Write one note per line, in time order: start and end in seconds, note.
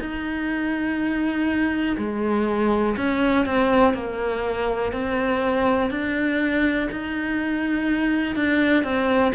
0.00 1.97 D#4
1.98 2.96 G#3
2.97 3.46 C#4
3.46 3.94 C4
3.94 4.93 A#3
4.93 5.91 C4
5.91 6.89 D4
6.92 8.36 D#4
8.36 8.83 D4
8.83 9.33 C4